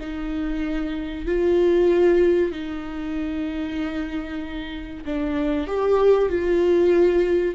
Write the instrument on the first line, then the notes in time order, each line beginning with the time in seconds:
viola
0.00 D#4
1.26 F4
2.51 D#4
5.05 D4
5.67 G4
6.29 F4